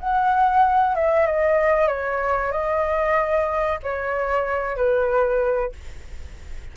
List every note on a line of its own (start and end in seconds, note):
0.00 0.95 F#5
0.95 1.27 E5
1.27 1.88 D#5
1.88 2.52 C#5
2.52 3.79 D#5
3.83 4.77 C#5
4.77 5.72 B4